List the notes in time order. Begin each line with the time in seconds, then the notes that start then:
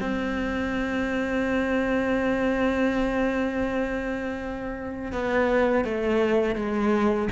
0.00 C4
5.12 B3
5.84 A3
6.55 G#3